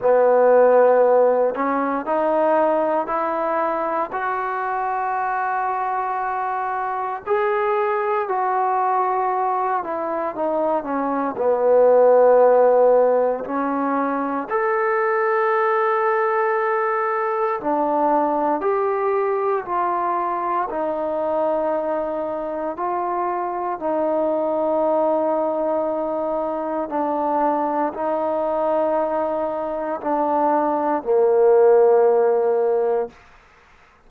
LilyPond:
\new Staff \with { instrumentName = "trombone" } { \time 4/4 \tempo 4 = 58 b4. cis'8 dis'4 e'4 | fis'2. gis'4 | fis'4. e'8 dis'8 cis'8 b4~ | b4 cis'4 a'2~ |
a'4 d'4 g'4 f'4 | dis'2 f'4 dis'4~ | dis'2 d'4 dis'4~ | dis'4 d'4 ais2 | }